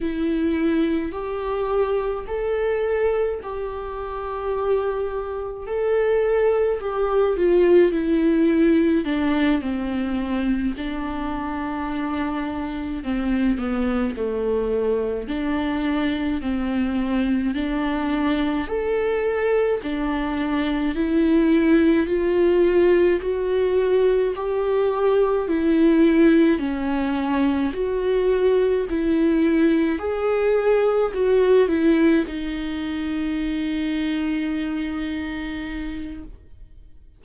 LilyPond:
\new Staff \with { instrumentName = "viola" } { \time 4/4 \tempo 4 = 53 e'4 g'4 a'4 g'4~ | g'4 a'4 g'8 f'8 e'4 | d'8 c'4 d'2 c'8 | b8 a4 d'4 c'4 d'8~ |
d'8 a'4 d'4 e'4 f'8~ | f'8 fis'4 g'4 e'4 cis'8~ | cis'8 fis'4 e'4 gis'4 fis'8 | e'8 dis'2.~ dis'8 | }